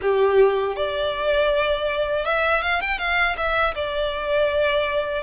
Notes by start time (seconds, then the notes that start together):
0.01 G4
0.75 D5
2.25 E5
2.62 F5
2.81 G5
2.98 F5
3.36 E5
3.74 D5